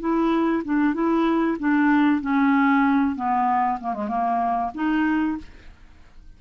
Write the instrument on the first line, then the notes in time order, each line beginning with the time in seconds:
clarinet
0.00 E4
0.65 D4
0.94 E4
1.59 D4
2.22 C#4
3.16 B3
3.81 A#3
3.94 G#3
4.08 A#3
4.75 D#4